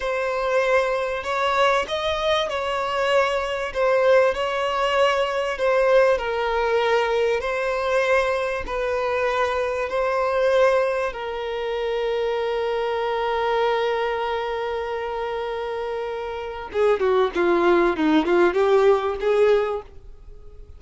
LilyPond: \new Staff \with { instrumentName = "violin" } { \time 4/4 \tempo 4 = 97 c''2 cis''4 dis''4 | cis''2 c''4 cis''4~ | cis''4 c''4 ais'2 | c''2 b'2 |
c''2 ais'2~ | ais'1~ | ais'2. gis'8 fis'8 | f'4 dis'8 f'8 g'4 gis'4 | }